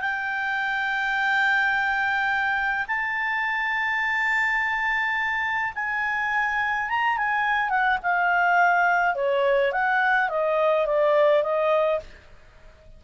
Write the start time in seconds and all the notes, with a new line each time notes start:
0.00 G5
2.87 A5
5.75 G#5
6.89 A#5
7.17 G#5
7.69 F#5
8.02 F5
9.15 C#5
9.72 F#5
10.29 D#5
10.86 D5
11.42 D#5